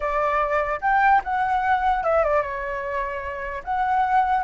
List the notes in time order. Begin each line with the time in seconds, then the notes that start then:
0.00 D5
0.81 G5
1.23 F#5
2.03 E5
2.23 D5
2.42 C#5
3.64 F#5